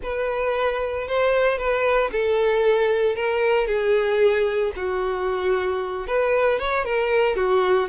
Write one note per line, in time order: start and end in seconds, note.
0.03 1.07 B4
1.07 1.58 C5
1.58 2.10 B4
2.11 3.15 A4
3.15 3.67 A#4
3.67 4.72 G#4
4.75 6.07 F#4
6.07 6.59 B4
6.59 6.84 C#5
6.84 7.36 A#4
7.36 7.88 F#4